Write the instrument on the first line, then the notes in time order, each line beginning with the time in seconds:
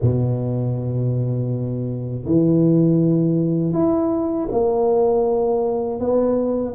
tuba
0.01 B2
2.25 E3
3.73 E4
4.51 A#3
6.00 B3